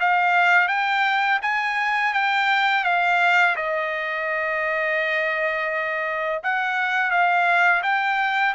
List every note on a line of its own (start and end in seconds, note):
0.00 0.68 F5
0.68 1.40 G5
1.42 2.13 G#5
2.13 2.84 G5
2.84 3.56 F5
3.56 6.42 D#5
6.43 7.11 F#5
7.11 7.82 F5
7.83 8.54 G5